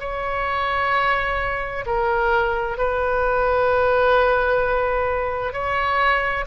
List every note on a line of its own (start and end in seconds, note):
0.00 1.85 C#5
1.86 2.77 A#4
2.77 5.53 B4
5.53 6.45 C#5